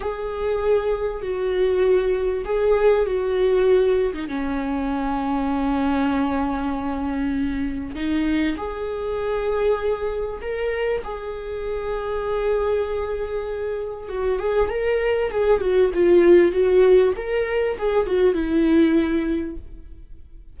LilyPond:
\new Staff \with { instrumentName = "viola" } { \time 4/4 \tempo 4 = 98 gis'2 fis'2 | gis'4 fis'4.~ fis'16 dis'16 cis'4~ | cis'1~ | cis'4 dis'4 gis'2~ |
gis'4 ais'4 gis'2~ | gis'2. fis'8 gis'8 | ais'4 gis'8 fis'8 f'4 fis'4 | ais'4 gis'8 fis'8 e'2 | }